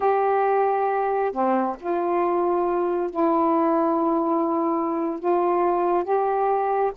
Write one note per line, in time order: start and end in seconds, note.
0.00 1.32 G4
1.32 1.76 C4
1.79 3.10 F4
3.10 5.19 E4
5.19 6.03 F4
6.03 6.92 G4